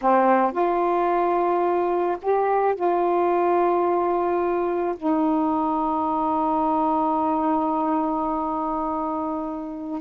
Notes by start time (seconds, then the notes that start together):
0.01 C4
0.52 F4
2.22 G4
2.75 F4
4.96 D#4